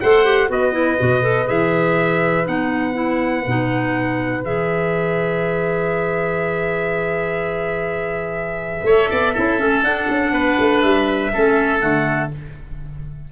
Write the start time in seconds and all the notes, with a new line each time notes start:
0.00 A3 A4 C5 F#5
0.24 G4
0.48 B3 F#4 B4 D#5
0.72 E4
0.99 B2 F#4
1.21 A4
1.46 E3 G#4 E5
2.44 B3 D#4 F#5
2.93 E4
3.46 B2 D#4
4.42 E3 G#4 E5
8.82 A3 A4 C#5
9.10 B3 D5
9.33 C#4 E4 A4
9.59 A3 C#4
9.83 D4 F#5
10.09 C#4
10.32 B3 B4
10.59 A3
10.82 G3 E5
11.33 A3 C#4 A4
11.80 D3 A3 F#5